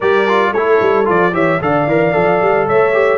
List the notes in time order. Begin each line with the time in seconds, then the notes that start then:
0.00 G3 G4 A#4 D5
0.27 F4
0.52 A3 E4 A4 C#5
0.81 G3
1.04 F3 F4 D5
1.32 E3 G4 C#5 E5
1.61 D3 A4 D5 F5
1.86 E3 A#4
2.12 F3 A4
2.41 G3
2.67 A3 C#5 E5
2.92 G4